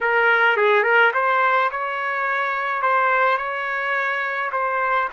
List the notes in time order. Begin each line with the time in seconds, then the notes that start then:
0.01 A#4
0.57 G#4
0.83 A#4
1.13 C5
1.71 C#5
2.82 C5
3.37 C#5
4.52 C5